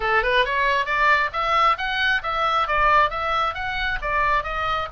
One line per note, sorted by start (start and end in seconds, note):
0.00 0.22 A4
0.23 0.45 B4
0.45 0.85 C#5
0.85 1.30 D5
1.32 1.77 E5
1.77 2.22 F#5
2.23 2.67 E5
2.67 3.09 D5
3.09 3.54 E5
3.54 3.99 F#5
4.01 4.43 D5
4.43 4.88 D#5